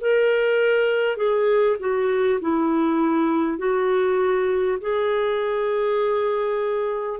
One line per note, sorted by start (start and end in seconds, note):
0.00 1.16 A#4
1.16 1.76 G#4
1.79 2.39 F#4
2.41 3.57 E4
3.57 4.77 F#4
4.80 7.19 G#4